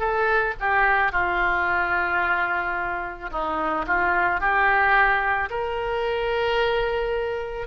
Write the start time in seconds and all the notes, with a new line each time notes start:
0.00 A4
0.60 G4
1.13 F4
3.32 D#4
3.87 F4
4.41 G4
5.50 A#4